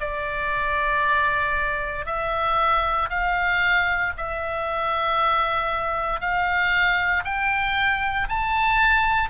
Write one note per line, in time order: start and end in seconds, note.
0.00 2.05 D5
2.05 3.09 E5
3.09 4.13 F5
4.17 6.20 E5
6.20 7.24 F5
7.24 8.28 G5
8.29 9.29 A5